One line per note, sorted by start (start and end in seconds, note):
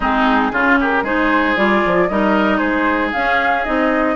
0.00 0.52 G#3
0.00 0.53 C4
0.00 0.52 D#4
0.00 0.79 G#4
0.52 1.02 C#3
0.52 1.05 C#4
0.52 0.78 F4
0.80 1.03 G4
0.80 1.05 A#4
1.02 1.54 G#3
1.02 1.56 D#4
1.02 2.08 G#4
1.02 1.56 C5
1.56 1.82 G3
1.56 2.08 F4
1.56 2.07 D5
1.85 2.10 F3
2.07 2.60 G3
2.07 3.14 D#4
2.07 2.57 A#4
2.07 2.57 D#5
2.57 3.12 G#3
2.57 4.14 G#4
2.57 3.10 C5
3.12 3.65 C#4
3.12 3.66 C#4
3.12 3.64 F5
3.64 4.15 C4
3.64 4.15 D#4
3.64 4.15 D#5